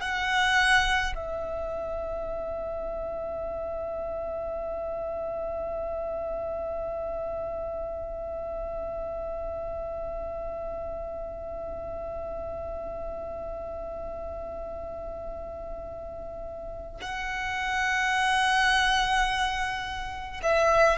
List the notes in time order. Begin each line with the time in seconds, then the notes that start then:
0.00 F#5
1.15 E5
17.01 F#5
20.43 E5